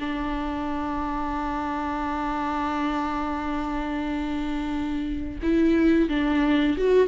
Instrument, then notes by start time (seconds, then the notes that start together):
viola
0.00 D4
5.43 E4
6.09 D4
6.78 F#4